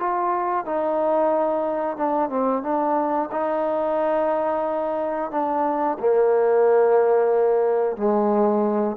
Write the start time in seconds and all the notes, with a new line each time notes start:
0.00 F4
0.66 D#4
1.97 D4
2.30 C4
2.63 D4
3.32 D#4
5.32 D4
6.00 A#3
7.97 G#3